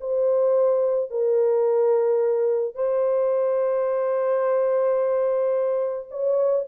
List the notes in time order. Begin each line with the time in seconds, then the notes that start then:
0.00 C5
1.10 A#4
2.75 C5
6.10 C#5